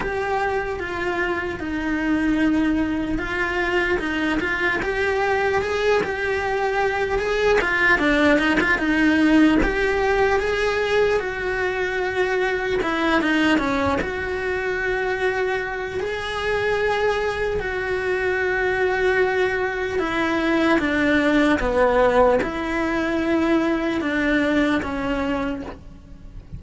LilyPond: \new Staff \with { instrumentName = "cello" } { \time 4/4 \tempo 4 = 75 g'4 f'4 dis'2 | f'4 dis'8 f'8 g'4 gis'8 g'8~ | g'4 gis'8 f'8 d'8 dis'16 f'16 dis'4 | g'4 gis'4 fis'2 |
e'8 dis'8 cis'8 fis'2~ fis'8 | gis'2 fis'2~ | fis'4 e'4 d'4 b4 | e'2 d'4 cis'4 | }